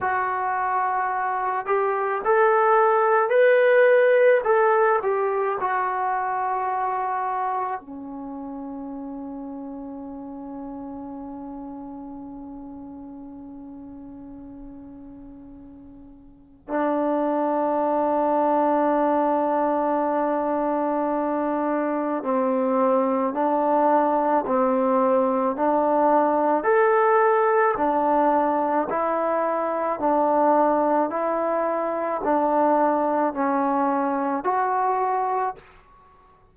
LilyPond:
\new Staff \with { instrumentName = "trombone" } { \time 4/4 \tempo 4 = 54 fis'4. g'8 a'4 b'4 | a'8 g'8 fis'2 cis'4~ | cis'1~ | cis'2. d'4~ |
d'1 | c'4 d'4 c'4 d'4 | a'4 d'4 e'4 d'4 | e'4 d'4 cis'4 fis'4 | }